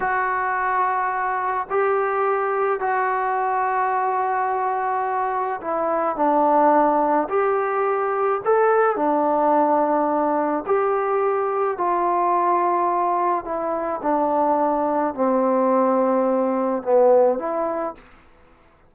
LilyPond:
\new Staff \with { instrumentName = "trombone" } { \time 4/4 \tempo 4 = 107 fis'2. g'4~ | g'4 fis'2.~ | fis'2 e'4 d'4~ | d'4 g'2 a'4 |
d'2. g'4~ | g'4 f'2. | e'4 d'2 c'4~ | c'2 b4 e'4 | }